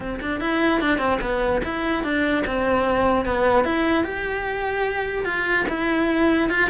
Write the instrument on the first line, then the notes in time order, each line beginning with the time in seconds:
cello
0.00 C4
0.21 D4
0.40 E4
0.80 D4
0.98 C4
1.21 B3
1.64 E4
2.03 D4
2.46 C4
3.25 B3
3.64 E4
4.04 G4
5.25 F4
5.68 E4
6.49 F4